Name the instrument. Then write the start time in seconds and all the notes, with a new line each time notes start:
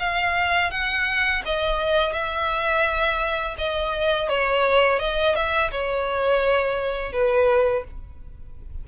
violin
0.00 F5
0.71 F#5
1.45 D#5
2.13 E5
3.58 D#5
4.29 C#5
5.00 D#5
5.35 E5
5.71 C#5
7.13 B4